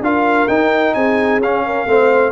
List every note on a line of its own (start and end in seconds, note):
0.00 0.46 D4
0.00 0.49 F4
0.00 0.95 A#4
0.00 0.48 F5
0.48 0.94 D#4
0.48 1.41 D#4
0.48 0.94 G5
0.94 1.39 C4
0.94 1.65 G#4
0.94 1.40 G#5
1.39 1.85 C#4
1.39 1.87 C#4
1.39 2.32 F5
1.65 1.88 A#4
1.86 2.32 A3
1.86 2.32 C4
1.86 2.32 C5